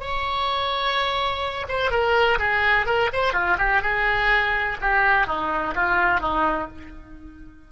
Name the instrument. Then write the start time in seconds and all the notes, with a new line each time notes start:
oboe
0.00 C#5
1.69 C5
1.91 A#4
2.39 G#4
2.86 A#4
3.13 C5
3.33 F4
3.59 G4
3.82 G#4
4.81 G4
5.27 D#4
5.75 F4
6.21 D#4